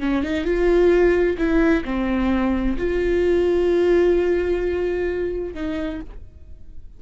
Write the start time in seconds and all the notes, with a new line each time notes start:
0.00 C#4
0.23 D#4
0.45 F4
1.38 E4
1.85 C4
2.78 F4
5.54 D#4